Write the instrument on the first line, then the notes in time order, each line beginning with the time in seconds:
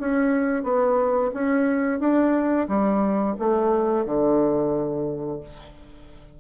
bassoon
0.00 C#4
0.63 B3
1.34 C#4
2.00 D4
2.68 G3
3.39 A3
4.05 D3